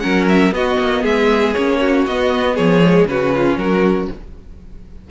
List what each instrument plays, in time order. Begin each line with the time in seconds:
0.00 cello F#3, viola C#4, violin A#4 F#5
0.29 violin E5
0.52 cello B3, viola B3, violin F#4 D#5
0.80 cello A#3
1.02 cello G#3, violin G#4 E5
1.54 cello A#3, viola C#4, violin C#5
1.81 violin F#4
2.07 cello B3, viola B3, violin D#5
2.55 cello F3, violin G#4 C#5
2.83 viola G#3
3.05 cello C#3, viola C#4, violin F#4 B4
3.35 violin F4
3.58 cello F#3, violin F#4 A#4